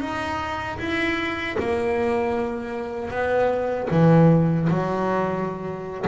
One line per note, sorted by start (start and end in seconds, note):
0.00 0.78 D#4
0.79 1.57 E4
1.59 3.11 A#3
3.11 3.89 B3
3.91 4.69 E3
4.70 6.06 F#3